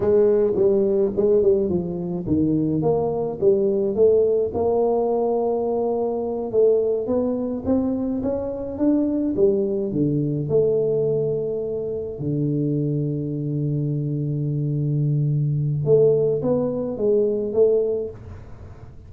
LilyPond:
\new Staff \with { instrumentName = "tuba" } { \time 4/4 \tempo 4 = 106 gis4 g4 gis8 g8 f4 | dis4 ais4 g4 a4 | ais2.~ ais8 a8~ | a8 b4 c'4 cis'4 d'8~ |
d'8 g4 d4 a4.~ | a4. d2~ d8~ | d1 | a4 b4 gis4 a4 | }